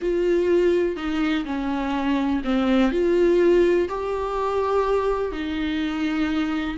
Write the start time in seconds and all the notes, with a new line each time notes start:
0.01 F4
0.96 D#4
1.45 C#4
2.44 C4
2.91 F4
3.88 G4
5.31 D#4